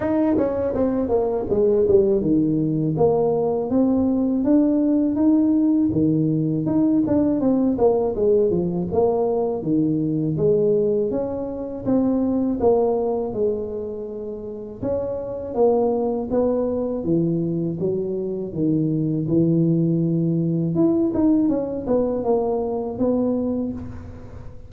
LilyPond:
\new Staff \with { instrumentName = "tuba" } { \time 4/4 \tempo 4 = 81 dis'8 cis'8 c'8 ais8 gis8 g8 dis4 | ais4 c'4 d'4 dis'4 | dis4 dis'8 d'8 c'8 ais8 gis8 f8 | ais4 dis4 gis4 cis'4 |
c'4 ais4 gis2 | cis'4 ais4 b4 e4 | fis4 dis4 e2 | e'8 dis'8 cis'8 b8 ais4 b4 | }